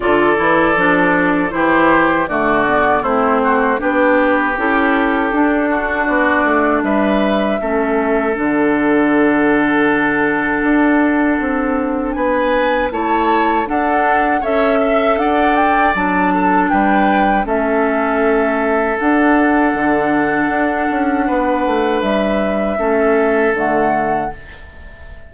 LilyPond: <<
  \new Staff \with { instrumentName = "flute" } { \time 4/4 \tempo 4 = 79 d''2 c''4 d''4 | c''4 b'4 a'2 | d''4 e''2 fis''4~ | fis''1 |
gis''4 a''4 fis''4 e''4 | fis''8 g''8 a''4 g''4 e''4~ | e''4 fis''2.~ | fis''4 e''2 fis''4 | }
  \new Staff \with { instrumentName = "oboe" } { \time 4/4 a'2 g'4 fis'4 | e'8 fis'8 g'2~ g'8 fis'8~ | fis'4 b'4 a'2~ | a'1 |
b'4 cis''4 a'4 cis''8 e''8 | d''4. a'8 b'4 a'4~ | a'1 | b'2 a'2 | }
  \new Staff \with { instrumentName = "clarinet" } { \time 4/4 f'8 e'8 d'4 e'4 a8 b8 | c'4 d'4 e'4 d'4~ | d'2 cis'4 d'4~ | d'1~ |
d'4 e'4 d'4 a'4~ | a'4 d'2 cis'4~ | cis'4 d'2.~ | d'2 cis'4 a4 | }
  \new Staff \with { instrumentName = "bassoon" } { \time 4/4 d8 e8 f4 e4 d4 | a4 b4 cis'4 d'4 | b8 a8 g4 a4 d4~ | d2 d'4 c'4 |
b4 a4 d'4 cis'4 | d'4 fis4 g4 a4~ | a4 d'4 d4 d'8 cis'8 | b8 a8 g4 a4 d4 | }
>>